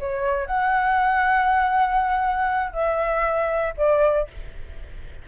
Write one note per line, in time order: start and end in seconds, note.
0.00 0.47 C#5
0.47 2.73 F#5
2.73 3.74 E5
3.77 4.28 D5